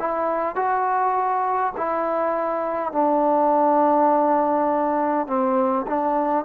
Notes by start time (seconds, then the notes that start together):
0.00 E4
0.56 F#4
1.78 E4
2.93 D4
5.27 C4
5.87 D4